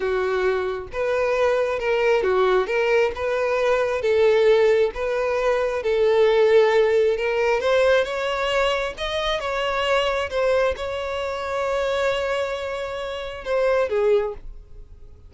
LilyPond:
\new Staff \with { instrumentName = "violin" } { \time 4/4 \tempo 4 = 134 fis'2 b'2 | ais'4 fis'4 ais'4 b'4~ | b'4 a'2 b'4~ | b'4 a'2. |
ais'4 c''4 cis''2 | dis''4 cis''2 c''4 | cis''1~ | cis''2 c''4 gis'4 | }